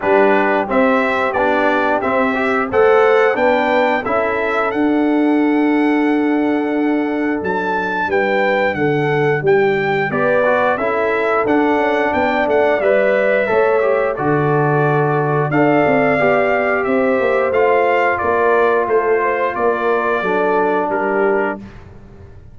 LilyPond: <<
  \new Staff \with { instrumentName = "trumpet" } { \time 4/4 \tempo 4 = 89 b'4 e''4 d''4 e''4 | fis''4 g''4 e''4 fis''4~ | fis''2. a''4 | g''4 fis''4 g''4 d''4 |
e''4 fis''4 g''8 fis''8 e''4~ | e''4 d''2 f''4~ | f''4 e''4 f''4 d''4 | c''4 d''2 ais'4 | }
  \new Staff \with { instrumentName = "horn" } { \time 4/4 g'1 | c''4 b'4 a'2~ | a'1 | b'4 a'4 g'4 b'4 |
a'2 d''2 | cis''4 a'2 d''4~ | d''4 c''2 ais'4 | a'8 c''8 ais'4 a'4 g'4 | }
  \new Staff \with { instrumentName = "trombone" } { \time 4/4 d'4 c'4 d'4 c'8 g'8 | a'4 d'4 e'4 d'4~ | d'1~ | d'2. g'8 fis'8 |
e'4 d'2 b'4 | a'8 g'8 fis'2 a'4 | g'2 f'2~ | f'2 d'2 | }
  \new Staff \with { instrumentName = "tuba" } { \time 4/4 g4 c'4 b4 c'4 | a4 b4 cis'4 d'4~ | d'2. fis4 | g4 d4 g4 b4 |
cis'4 d'8 cis'8 b8 a8 g4 | a4 d2 d'8 c'8 | b4 c'8 ais8 a4 ais4 | a4 ais4 fis4 g4 | }
>>